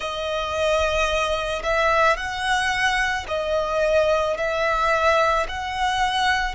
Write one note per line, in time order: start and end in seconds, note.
0.00 1.62 D#5
1.63 2.17 E5
2.17 3.26 F#5
3.28 4.37 D#5
4.37 5.46 E5
5.48 6.54 F#5